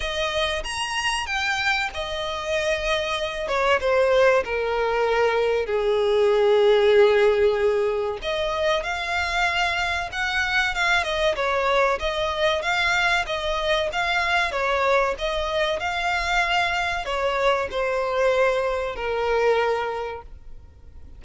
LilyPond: \new Staff \with { instrumentName = "violin" } { \time 4/4 \tempo 4 = 95 dis''4 ais''4 g''4 dis''4~ | dis''4. cis''8 c''4 ais'4~ | ais'4 gis'2.~ | gis'4 dis''4 f''2 |
fis''4 f''8 dis''8 cis''4 dis''4 | f''4 dis''4 f''4 cis''4 | dis''4 f''2 cis''4 | c''2 ais'2 | }